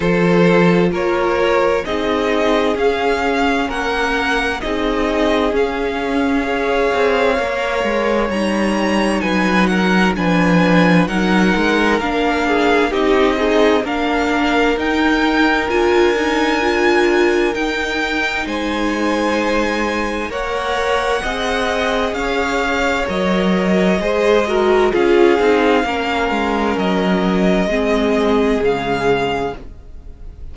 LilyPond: <<
  \new Staff \with { instrumentName = "violin" } { \time 4/4 \tempo 4 = 65 c''4 cis''4 dis''4 f''4 | fis''4 dis''4 f''2~ | f''4 ais''4 gis''8 fis''8 gis''4 | fis''4 f''4 dis''4 f''4 |
g''4 gis''2 g''4 | gis''2 fis''2 | f''4 dis''2 f''4~ | f''4 dis''2 f''4 | }
  \new Staff \with { instrumentName = "violin" } { \time 4/4 a'4 ais'4 gis'2 | ais'4 gis'2 cis''4~ | cis''2 b'8 ais'8 b'4 | ais'4. gis'8 g'8 dis'8 ais'4~ |
ais'1 | c''2 cis''4 dis''4 | cis''2 c''8 ais'8 gis'4 | ais'2 gis'2 | }
  \new Staff \with { instrumentName = "viola" } { \time 4/4 f'2 dis'4 cis'4~ | cis'4 dis'4 cis'4 gis'4 | ais'4 dis'2 d'4 | dis'4 d'4 dis'8 gis'8 d'4 |
dis'4 f'8 dis'8 f'4 dis'4~ | dis'2 ais'4 gis'4~ | gis'4 ais'4 gis'8 fis'8 f'8 dis'8 | cis'2 c'4 gis4 | }
  \new Staff \with { instrumentName = "cello" } { \time 4/4 f4 ais4 c'4 cis'4 | ais4 c'4 cis'4. c'8 | ais8 gis8 g4 fis4 f4 | fis8 gis8 ais4 c'4 ais4 |
dis'4 d'2 dis'4 | gis2 ais4 c'4 | cis'4 fis4 gis4 cis'8 c'8 | ais8 gis8 fis4 gis4 cis4 | }
>>